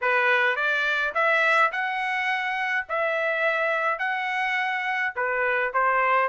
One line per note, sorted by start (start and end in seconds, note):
0.01 0.56 B4
0.56 1.13 D5
1.14 1.71 E5
1.71 2.86 F#5
2.89 3.98 E5
3.98 5.13 F#5
5.15 5.72 B4
5.73 6.29 C5